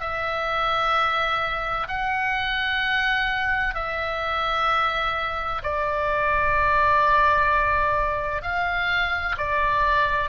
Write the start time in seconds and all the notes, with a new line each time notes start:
0.00 E5
1.88 F#5
3.75 E5
5.63 D5
8.42 F5
9.37 D5